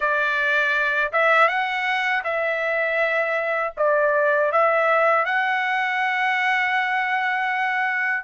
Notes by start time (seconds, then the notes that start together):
0.00 D5
1.12 E5
1.48 F#5
2.23 E5
3.77 D5
4.52 E5
5.25 F#5